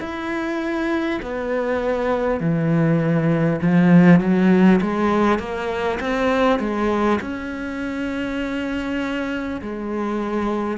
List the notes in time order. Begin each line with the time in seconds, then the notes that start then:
0.00 E4
1.22 B3
2.41 E3
3.62 F3
4.20 F#3
4.82 G#3
5.39 A#3
6.01 C4
6.59 G#3
7.21 C#4
9.62 G#3